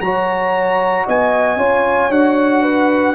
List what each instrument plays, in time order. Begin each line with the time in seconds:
0.00 tuba F#3, trombone F#4, horn C#5, trumpet A#5
1.05 tuba B3, horn D#5, trumpet G#5
1.57 tuba C#4, trombone F4, horn C#5
2.09 tuba D4, trombone F#4, trumpet F#5
2.62 horn B4